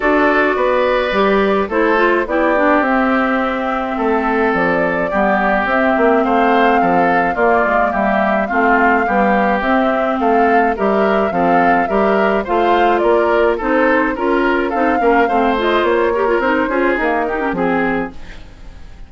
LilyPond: <<
  \new Staff \with { instrumentName = "flute" } { \time 4/4 \tempo 4 = 106 d''2. c''4 | d''4 e''2. | d''2 e''4 f''4~ | f''4 d''4 e''4 f''4~ |
f''4 e''4 f''4 e''4 | f''4 e''4 f''4 d''4 | c''4 ais'4 f''4. dis''8 | cis''4 c''4 ais'4 gis'4 | }
  \new Staff \with { instrumentName = "oboe" } { \time 4/4 a'4 b'2 a'4 | g'2. a'4~ | a'4 g'2 c''4 | a'4 f'4 g'4 f'4 |
g'2 a'4 ais'4 | a'4 ais'4 c''4 ais'4 | a'4 ais'4 a'8 ais'8 c''4~ | c''8 ais'4 gis'4 g'8 gis'4 | }
  \new Staff \with { instrumentName = "clarinet" } { \time 4/4 fis'2 g'4 e'8 f'8 | e'8 d'8 c'2.~ | c'4 b4 c'2~ | c'4 ais2 c'4 |
g4 c'2 g'4 | c'4 g'4 f'2 | dis'4 f'4 dis'8 cis'8 c'8 f'8~ | f'8 g'16 f'16 dis'8 f'8 ais8 dis'16 cis'16 c'4 | }
  \new Staff \with { instrumentName = "bassoon" } { \time 4/4 d'4 b4 g4 a4 | b4 c'2 a4 | f4 g4 c'8 ais8 a4 | f4 ais8 gis8 g4 a4 |
b4 c'4 a4 g4 | f4 g4 a4 ais4 | c'4 cis'4 c'8 ais8 a4 | ais4 c'8 cis'8 dis'4 f4 | }
>>